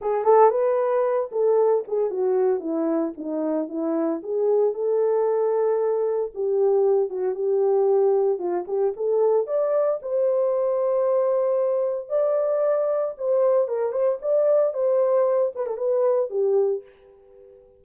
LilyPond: \new Staff \with { instrumentName = "horn" } { \time 4/4 \tempo 4 = 114 gis'8 a'8 b'4. a'4 gis'8 | fis'4 e'4 dis'4 e'4 | gis'4 a'2. | g'4. fis'8 g'2 |
f'8 g'8 a'4 d''4 c''4~ | c''2. d''4~ | d''4 c''4 ais'8 c''8 d''4 | c''4. b'16 a'16 b'4 g'4 | }